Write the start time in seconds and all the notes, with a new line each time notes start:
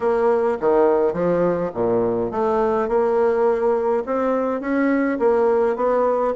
0.00 A#3
0.60 D#3
1.12 F3
1.74 A#2
2.31 A3
2.88 A#3
4.05 C4
4.60 C#4
5.19 A#3
5.76 B3